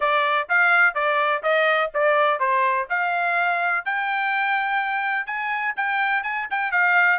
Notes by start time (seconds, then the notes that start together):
0.00 D5
0.48 F5
0.94 D5
1.43 D#5
1.94 D5
2.39 C5
2.89 F5
3.85 G5
5.26 G#5
5.76 G5
6.23 G#5
6.50 G5
6.71 F5